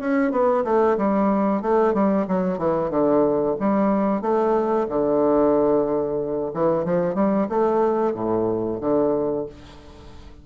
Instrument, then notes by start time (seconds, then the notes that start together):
bassoon
0.00 C#4
0.32 B3
0.65 A3
0.98 G3
1.62 A3
1.94 G3
2.28 F#3
2.59 E3
2.91 D3
3.60 G3
4.22 A3
4.89 D3
6.54 E3
6.85 F3
7.15 G3
7.49 A3
8.14 A2
8.81 D3